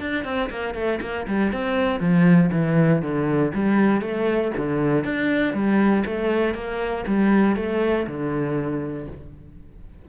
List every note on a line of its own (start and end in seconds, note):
0.00 0.24 D4
0.24 0.49 C4
0.50 0.74 A#3
0.74 1.00 A3
1.01 1.26 A#3
1.27 1.52 G3
1.52 2.00 C4
2.00 2.50 F3
2.52 3.02 E3
3.02 3.52 D3
3.54 4.01 G3
4.01 4.51 A3
4.57 5.04 D3
5.04 5.53 D4
5.53 6.04 G3
6.05 6.54 A3
6.54 7.05 A#3
7.07 7.56 G3
7.56 8.06 A3
8.07 9.08 D3